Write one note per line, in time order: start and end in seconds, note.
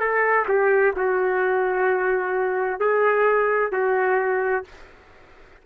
0.00 0.46 A4
0.49 0.95 G4
0.97 2.80 F#4
2.80 3.72 G#4
3.72 4.64 F#4